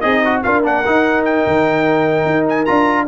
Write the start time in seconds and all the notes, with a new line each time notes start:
0.00 C4 D#4 G#4 D#5
0.25 F#4
0.43 D4 F4 A#4 F5
0.63 A#3 D4 F#5
0.85 D#4
1.25 G5
1.47 D#3
2.25 D#4
2.49 G#5
2.65 D4 F4 A#5